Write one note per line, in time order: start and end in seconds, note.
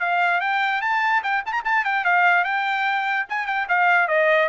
0.00 0.41 F5
0.41 0.82 G5
0.82 1.23 A5
1.23 1.44 G5
1.46 1.53 A5
1.53 1.63 A#5
1.65 1.85 A5
1.85 2.05 G5
2.05 2.45 F5
2.45 3.27 G5
3.30 3.47 G#5
3.47 3.68 G5
3.69 4.08 F5
4.08 4.49 D#5